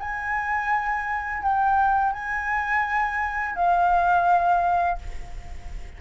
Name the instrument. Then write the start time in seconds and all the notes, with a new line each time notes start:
flute
0.00 G#5
1.43 G5
2.13 G#5
3.56 F5